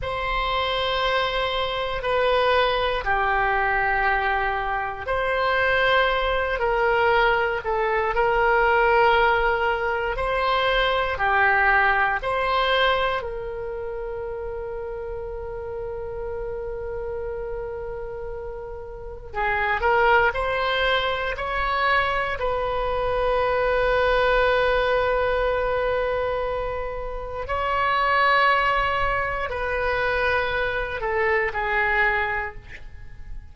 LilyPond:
\new Staff \with { instrumentName = "oboe" } { \time 4/4 \tempo 4 = 59 c''2 b'4 g'4~ | g'4 c''4. ais'4 a'8 | ais'2 c''4 g'4 | c''4 ais'2.~ |
ais'2. gis'8 ais'8 | c''4 cis''4 b'2~ | b'2. cis''4~ | cis''4 b'4. a'8 gis'4 | }